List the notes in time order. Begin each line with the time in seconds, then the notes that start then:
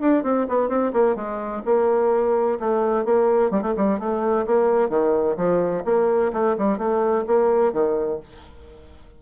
0.00 D4
0.23 C4
0.48 B3
0.68 C4
0.92 A#3
1.15 G#3
1.65 A#3
2.59 A3
3.05 A#3
3.50 G3
3.62 A3
3.77 G3
3.99 A3
4.46 A#3
4.89 D#3
5.37 F3
5.85 A#3
6.32 A3
6.58 G3
6.78 A3
7.26 A#3
7.72 D#3